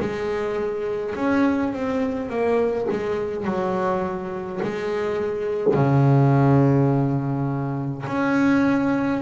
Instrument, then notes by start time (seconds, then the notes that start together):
double bass
0.00 G#3
1.15 C#4
1.73 C4
2.30 A#3
2.91 G#3
3.45 F#3
4.63 G#3
5.74 C#3
8.07 C#4